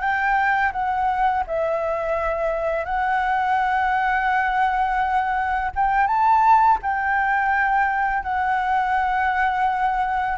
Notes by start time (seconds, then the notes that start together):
0.00 G5
0.72 F#5
1.47 E5
2.85 F#5
5.75 G5
6.06 A5
6.82 G5
8.23 F#5